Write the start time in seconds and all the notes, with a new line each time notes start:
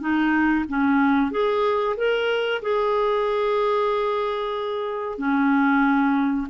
0.00 D#4
0.68 C#4
1.31 G#4
1.96 A#4
2.62 G#4
5.18 C#4